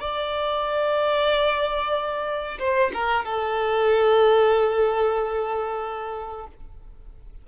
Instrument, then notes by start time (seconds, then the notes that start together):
violin
0.00 D5
2.59 C5
2.94 A#4
3.25 A4